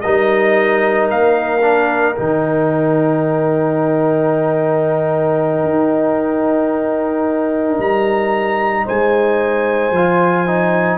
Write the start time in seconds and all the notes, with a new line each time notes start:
0.00 G3 D#4 A#4 D#5
1.10 A#3 F5
1.61 D4
2.16 D#3 D#4 G5
5.63 D#4
7.78 G3 A#5
8.85 G#3 C5 G#5
9.91 F3 F4
10.47 D#4